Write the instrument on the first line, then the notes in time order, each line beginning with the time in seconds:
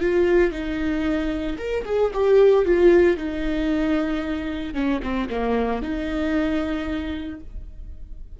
viola
0.00 F4
0.51 D#4
1.58 A#4
1.85 G#4
2.13 G4
2.65 F4
3.17 D#4
4.74 C#4
5.02 C4
5.29 A#3
5.82 D#4